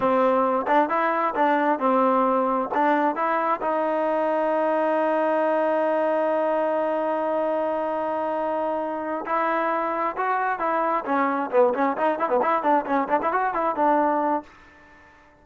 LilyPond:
\new Staff \with { instrumentName = "trombone" } { \time 4/4 \tempo 4 = 133 c'4. d'8 e'4 d'4 | c'2 d'4 e'4 | dis'1~ | dis'1~ |
dis'1~ | dis'8 e'2 fis'4 e'8~ | e'8 cis'4 b8 cis'8 dis'8 e'16 b16 e'8 | d'8 cis'8 d'16 e'16 fis'8 e'8 d'4. | }